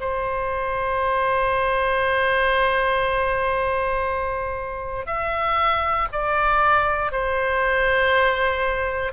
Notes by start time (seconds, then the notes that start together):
0.00 C5
5.06 E5
6.12 D5
7.11 C5